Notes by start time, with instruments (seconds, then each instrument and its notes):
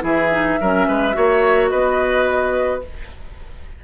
0.00 bassoon E3, clarinet E4, oboe G#4, flute E5
0.31 clarinet D#4
0.61 bassoon F#3, clarinet C#4, oboe A#4
0.88 bassoon G#3, oboe B4
1.13 bassoon A#3, clarinet F#4, oboe C#5
1.68 bassoon B3, oboe B4, flute D#5